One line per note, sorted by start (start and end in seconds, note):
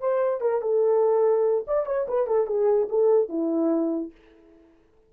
0.00 0.41 C5
0.41 0.62 A#4
0.62 1.65 A4
1.67 1.86 D5
1.86 2.07 C#5
2.08 2.27 B4
2.27 2.47 A4
2.47 2.88 G#4
2.89 3.29 A4
3.29 4.12 E4